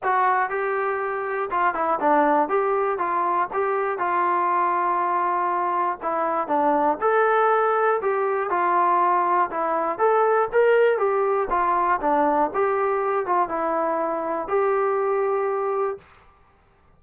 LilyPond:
\new Staff \with { instrumentName = "trombone" } { \time 4/4 \tempo 4 = 120 fis'4 g'2 f'8 e'8 | d'4 g'4 f'4 g'4 | f'1 | e'4 d'4 a'2 |
g'4 f'2 e'4 | a'4 ais'4 g'4 f'4 | d'4 g'4. f'8 e'4~ | e'4 g'2. | }